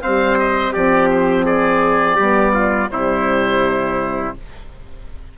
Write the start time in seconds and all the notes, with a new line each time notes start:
0.00 G3 C4 C5 F5
0.39 D#5
0.73 F3 C4 G4 D5
1.10 C5
1.45 G#4 D5
2.16 G3 B3 G4
2.54 F4
2.90 C3 G3 E4 C5